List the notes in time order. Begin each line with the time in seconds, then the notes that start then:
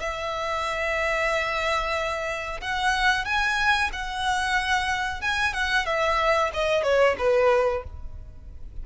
0.00 E5
2.61 F#5
3.25 G#5
3.93 F#5
5.21 G#5
5.53 F#5
5.86 E5
6.54 D#5
6.83 C#5
7.18 B4